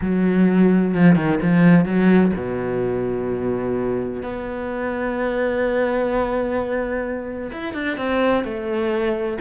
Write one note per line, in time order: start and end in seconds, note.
0.01 0.94 F#3
0.94 1.15 F3
1.15 1.38 D#3
1.41 1.85 F3
1.85 2.32 F#3
2.36 4.23 B2
4.23 7.51 B3
7.51 7.73 E4
7.73 7.97 D4
7.97 8.44 C4
8.44 9.37 A3